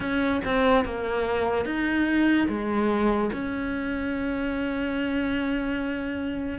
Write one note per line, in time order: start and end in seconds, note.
0.00 0.41 C#4
0.44 0.84 C4
0.84 1.65 A#3
1.65 2.47 D#4
2.48 3.30 G#3
3.33 6.59 C#4